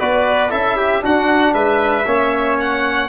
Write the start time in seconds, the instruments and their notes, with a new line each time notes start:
0.00 tuba B3, trombone F#4, trumpet B4, violin D5
0.50 tuba C#4, trombone E4, trumpet A4, violin E5
0.77 trumpet G4
1.01 trombone D4, tuba D4, trumpet F#4, violin F#5
1.53 tuba G#3, trumpet B4, violin E5
2.06 tuba A#3, trombone C#4, trumpet C#5
2.61 violin F#5